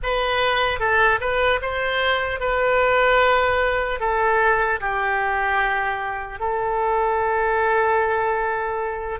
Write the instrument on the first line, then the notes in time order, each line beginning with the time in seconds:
oboe
0.03 B4
0.79 A4
1.20 B4
1.61 C5
2.40 B4
4.00 A4
4.80 G4
6.39 A4